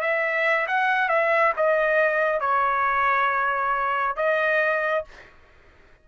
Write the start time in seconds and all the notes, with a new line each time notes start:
0.00 E5
0.67 F#5
1.08 E5
1.56 D#5
2.40 C#5
4.16 D#5